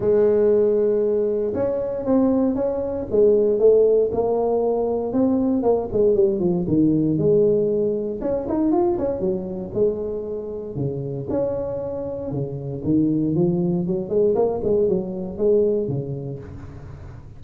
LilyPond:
\new Staff \with { instrumentName = "tuba" } { \time 4/4 \tempo 4 = 117 gis2. cis'4 | c'4 cis'4 gis4 a4 | ais2 c'4 ais8 gis8 | g8 f8 dis4 gis2 |
cis'8 dis'8 f'8 cis'8 fis4 gis4~ | gis4 cis4 cis'2 | cis4 dis4 f4 fis8 gis8 | ais8 gis8 fis4 gis4 cis4 | }